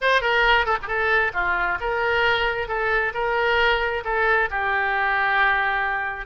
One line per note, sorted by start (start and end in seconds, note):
0.01 0.21 C5
0.21 0.66 A#4
0.66 0.77 A4
0.82 0.87 G4
0.82 1.32 A4
1.33 1.78 F4
1.80 2.68 A#4
2.68 3.12 A4
3.13 4.03 A#4
4.04 4.49 A4
4.50 6.26 G4